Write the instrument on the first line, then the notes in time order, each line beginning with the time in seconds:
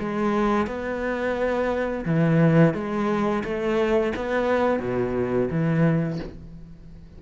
cello
0.00 G#3
0.67 B3
2.06 E3
2.75 G#3
3.45 A3
4.16 B3
4.80 B2
5.51 E3